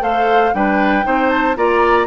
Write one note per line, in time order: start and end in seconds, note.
0.00 0.52 A3
0.00 0.51 A4
0.00 0.54 C5
0.00 0.54 F5
0.54 1.05 G3
0.54 1.03 D4
0.54 1.06 B4
0.54 1.30 G5
1.03 1.57 C4
1.03 1.54 D#4
1.03 1.57 C5
1.30 1.56 A5
1.57 2.07 A#3
1.57 2.07 F4
1.57 2.07 D5
1.57 2.07 A#5